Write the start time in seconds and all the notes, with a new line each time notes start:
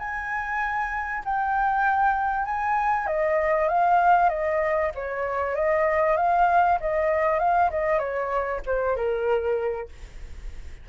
0.00 G#5
1.25 G5
2.46 G#5
3.07 D#5
3.69 F5
4.30 D#5
4.95 C#5
5.56 D#5
6.17 F5
6.81 D#5
7.39 F5
7.71 D#5
7.99 C#5
8.67 C5
8.97 A#4